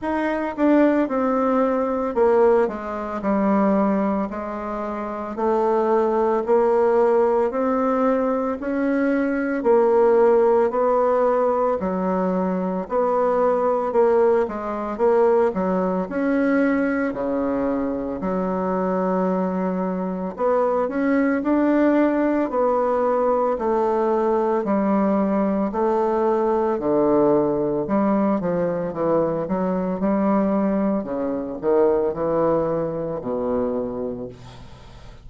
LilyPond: \new Staff \with { instrumentName = "bassoon" } { \time 4/4 \tempo 4 = 56 dis'8 d'8 c'4 ais8 gis8 g4 | gis4 a4 ais4 c'4 | cis'4 ais4 b4 fis4 | b4 ais8 gis8 ais8 fis8 cis'4 |
cis4 fis2 b8 cis'8 | d'4 b4 a4 g4 | a4 d4 g8 f8 e8 fis8 | g4 cis8 dis8 e4 b,4 | }